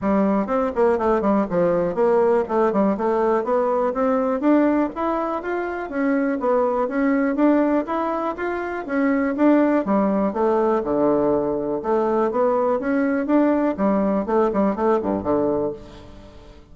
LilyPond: \new Staff \with { instrumentName = "bassoon" } { \time 4/4 \tempo 4 = 122 g4 c'8 ais8 a8 g8 f4 | ais4 a8 g8 a4 b4 | c'4 d'4 e'4 f'4 | cis'4 b4 cis'4 d'4 |
e'4 f'4 cis'4 d'4 | g4 a4 d2 | a4 b4 cis'4 d'4 | g4 a8 g8 a8 g,8 d4 | }